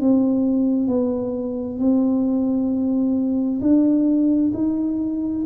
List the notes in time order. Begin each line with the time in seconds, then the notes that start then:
0.00 C4
0.87 B3
1.79 C4
3.61 D4
4.53 D#4